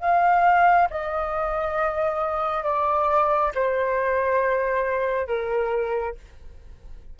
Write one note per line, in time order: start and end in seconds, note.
0.00 0.88 F5
0.90 2.64 D#5
2.64 3.52 D5
3.55 5.27 C5
5.27 6.15 A#4